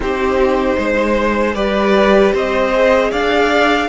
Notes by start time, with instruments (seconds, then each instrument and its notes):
0.00 cello C4, viola D#4, violin G4 C5
0.78 cello G#3, violin C5
1.54 cello G3, viola G4, violin B4 D5
2.33 cello C4, violin C5 D#5
2.73 viola G#4
3.10 cello D4, violin D5 F5